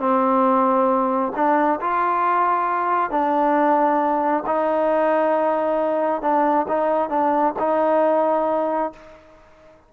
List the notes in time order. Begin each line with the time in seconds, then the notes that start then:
0.00 C4
1.36 D4
1.81 F4
3.11 D4
4.47 D#4
6.22 D4
6.69 D#4
7.10 D4
7.60 D#4